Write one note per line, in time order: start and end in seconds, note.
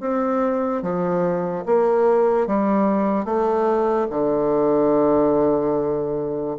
0.00 0.82 C4
0.82 1.64 F3
1.66 2.47 A#3
2.47 3.25 G3
3.25 4.07 A3
4.10 6.56 D3